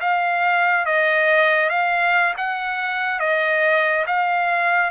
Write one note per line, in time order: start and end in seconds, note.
0.00 0.85 F5
0.85 1.69 D#5
1.69 2.34 F5
2.37 3.19 F#5
3.19 4.05 D#5
4.07 4.90 F5